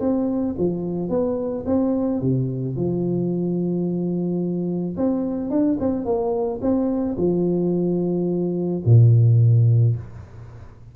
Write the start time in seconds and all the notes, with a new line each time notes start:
0.00 C4
0.58 F3
1.09 B3
1.66 C4
2.21 C3
2.76 F3
4.97 C4
5.50 D4
5.80 C4
6.05 A#3
6.62 C4
7.17 F3
8.85 A#2